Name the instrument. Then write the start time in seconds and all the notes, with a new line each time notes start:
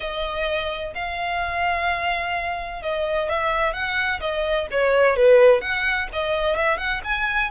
violin
0.00 D#5
0.94 F5
2.82 D#5
3.29 E5
3.73 F#5
4.20 D#5
4.71 C#5
5.16 B4
5.61 F#5
6.12 D#5
6.56 E5
6.77 F#5
7.03 G#5